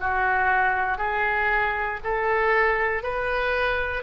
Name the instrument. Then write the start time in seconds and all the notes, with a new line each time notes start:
oboe
0.00 F#4
0.98 G#4
2.04 A4
3.03 B4